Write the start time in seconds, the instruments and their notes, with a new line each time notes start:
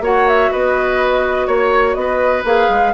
0.00 bassoon A#3, clarinet F#4, oboe C#5, flute F#5
0.28 flute E5
0.51 bassoon B3, oboe B4, flute D#5
1.47 bassoon A#3, oboe C#5, flute C#5
1.94 bassoon B3, flute D#5
2.00 oboe B4
2.44 bassoon A#3, clarinet G#4, flute F5
2.69 bassoon G#3